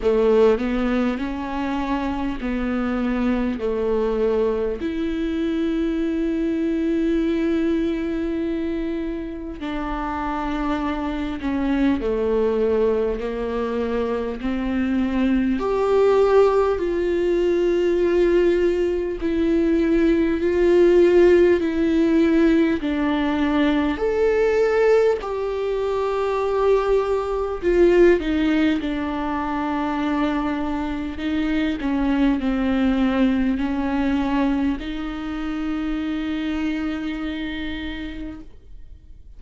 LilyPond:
\new Staff \with { instrumentName = "viola" } { \time 4/4 \tempo 4 = 50 a8 b8 cis'4 b4 a4 | e'1 | d'4. cis'8 a4 ais4 | c'4 g'4 f'2 |
e'4 f'4 e'4 d'4 | a'4 g'2 f'8 dis'8 | d'2 dis'8 cis'8 c'4 | cis'4 dis'2. | }